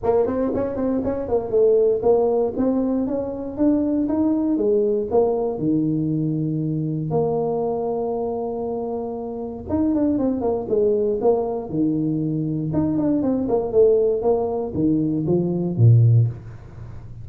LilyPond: \new Staff \with { instrumentName = "tuba" } { \time 4/4 \tempo 4 = 118 ais8 c'8 cis'8 c'8 cis'8 ais8 a4 | ais4 c'4 cis'4 d'4 | dis'4 gis4 ais4 dis4~ | dis2 ais2~ |
ais2. dis'8 d'8 | c'8 ais8 gis4 ais4 dis4~ | dis4 dis'8 d'8 c'8 ais8 a4 | ais4 dis4 f4 ais,4 | }